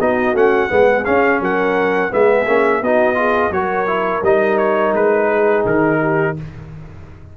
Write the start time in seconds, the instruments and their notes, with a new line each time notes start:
0.00 tuba B3, trombone D#4, horn F#4, trumpet D#5
0.34 tuba A3, trombone C#4, trumpet F#5
0.69 tuba G#3, trombone B3, horn G#4
1.05 trombone C#4, tuba C#4, trumpet F5
1.41 tuba F#3, horn A#4, trumpet F#5
2.11 tuba G#3, trombone B3, horn G#4, trumpet E5
2.47 tuba A#3, trombone C#4
2.82 tuba B3, trombone D#4, horn F#4, trumpet D#5
3.15 trombone F4, horn G#4
3.51 tuba F#3, trombone F#4, horn A#4, trumpet C#5
3.87 trombone E4
4.23 tuba G3, trombone D#4, trumpet D#5
4.58 trumpet C#5
4.94 tuba G#3, trumpet B4
5.29 horn G#4
5.66 tuba D#3, trumpet A#4
6.00 horn G4